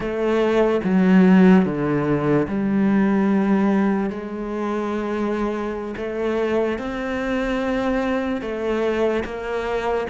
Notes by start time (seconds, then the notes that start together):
0.00 A3
0.84 F#3
1.65 D3
2.47 G3
4.09 G#3
5.96 A3
6.78 C4
8.41 A3
9.24 A#3